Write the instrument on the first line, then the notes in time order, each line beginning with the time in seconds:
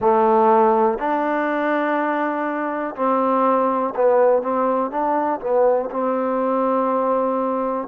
trombone
0.00 A3
0.98 D4
2.95 C4
3.95 B3
4.42 C4
4.90 D4
5.40 B3
5.91 C4